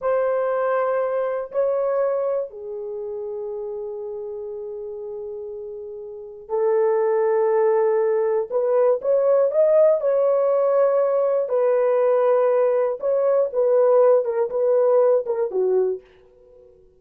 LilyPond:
\new Staff \with { instrumentName = "horn" } { \time 4/4 \tempo 4 = 120 c''2. cis''4~ | cis''4 gis'2.~ | gis'1~ | gis'4 a'2.~ |
a'4 b'4 cis''4 dis''4 | cis''2. b'4~ | b'2 cis''4 b'4~ | b'8 ais'8 b'4. ais'8 fis'4 | }